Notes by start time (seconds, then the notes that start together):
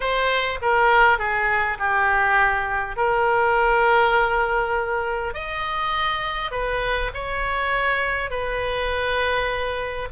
0.00 C5
0.61 A#4
1.18 G#4
1.78 G4
2.96 A#4
5.34 D#5
6.51 B4
7.13 C#5
8.30 B4